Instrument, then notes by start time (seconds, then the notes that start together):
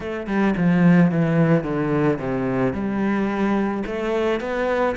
cello
0.00 A3
0.27 G3
0.57 F3
1.11 E3
1.63 D3
2.18 C3
2.73 G3
3.86 A3
4.40 B3